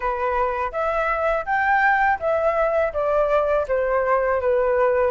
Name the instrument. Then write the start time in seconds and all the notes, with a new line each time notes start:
flute
0.00 B4
0.72 E5
1.45 G5
2.19 E5
2.93 D5
3.68 C5
4.41 B4